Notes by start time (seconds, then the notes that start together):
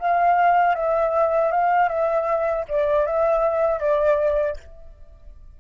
0.00 F5
0.75 E5
1.52 F5
1.89 E5
2.69 D5
3.07 E5
3.80 D5